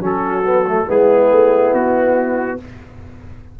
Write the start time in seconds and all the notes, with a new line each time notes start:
0.00 F#3 C#4 F#4 A4
0.44 B3
0.67 A3
0.86 G#3 B3 E4 G#4
1.31 A3
1.73 B3 F#4